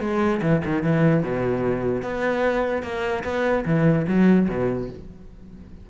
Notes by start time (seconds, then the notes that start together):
0.00 G#3
0.42 E3
0.65 D#3
0.83 E3
1.23 B2
2.02 B3
2.82 A#3
3.24 B3
3.65 E3
4.07 F#3
4.48 B2